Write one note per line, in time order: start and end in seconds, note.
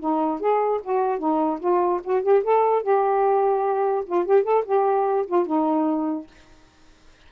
0.00 0.40 D#4
0.40 0.81 G#4
0.83 1.19 F#4
1.19 1.59 D#4
1.60 2.00 F4
2.04 2.23 F#4
2.23 2.43 G4
2.44 2.82 A4
2.82 4.04 G4
4.06 4.26 F4
4.26 4.44 G4
4.44 4.64 A4
4.65 5.26 G4
5.27 5.46 F4
5.46 6.27 D#4